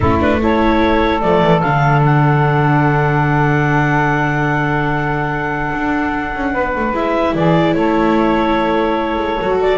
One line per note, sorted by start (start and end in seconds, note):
0.00 1.22 A3
0.00 0.19 C#4
0.00 0.40 E4
0.00 0.19 A4
0.19 0.40 D4
0.19 0.41 B4
0.41 1.22 E4
0.41 6.52 A4
0.41 1.21 C#5
1.21 1.41 F3
1.21 1.62 A3
1.21 1.60 D5
1.41 1.62 E3
1.60 5.71 D3
1.60 6.93 D4
1.60 2.01 F5
2.05 6.94 F#5
5.72 6.34 D4
6.34 6.54 C#4
6.52 6.74 B3
6.52 7.34 B4
6.75 6.91 A3
6.91 7.32 G#3
6.91 9.38 E4
6.91 7.35 E5
7.34 7.74 E3
7.34 7.75 G#4
7.34 7.74 D5
7.74 9.17 A3
7.74 9.78 A4
7.74 9.57 C#5
9.17 9.37 G#3
9.41 9.78 F#3
9.41 9.78 F#4
9.61 9.78 D5